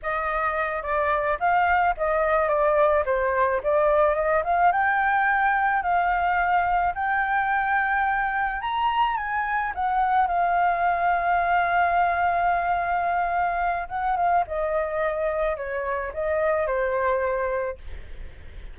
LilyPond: \new Staff \with { instrumentName = "flute" } { \time 4/4 \tempo 4 = 108 dis''4. d''4 f''4 dis''8~ | dis''8 d''4 c''4 d''4 dis''8 | f''8 g''2 f''4.~ | f''8 g''2. ais''8~ |
ais''8 gis''4 fis''4 f''4.~ | f''1~ | f''4 fis''8 f''8 dis''2 | cis''4 dis''4 c''2 | }